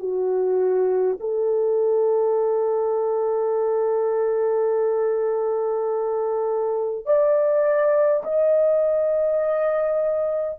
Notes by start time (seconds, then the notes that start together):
0.00 F#4
1.20 A4
7.06 D5
8.24 D#5